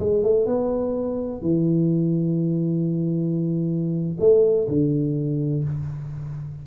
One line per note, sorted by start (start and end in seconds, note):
0.00 0.24 G#3
0.24 0.46 A3
0.46 1.42 B3
1.42 4.18 E3
4.20 4.68 A3
4.68 5.64 D3